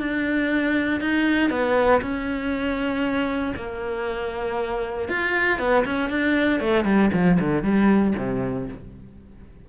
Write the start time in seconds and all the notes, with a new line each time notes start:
0.00 D4
1.01 D#4
1.51 B3
2.02 C#4
3.56 A#3
5.09 F4
5.60 B3
5.85 C#4
6.10 D4
6.61 A3
6.85 G3
7.13 F3
7.40 D3
7.63 G3
8.18 C3